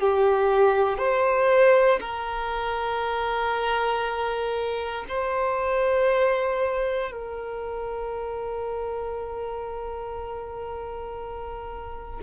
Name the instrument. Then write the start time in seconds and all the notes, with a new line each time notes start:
violin
0.00 G4
0.98 C5
2.00 A#4
5.08 C5
7.11 A#4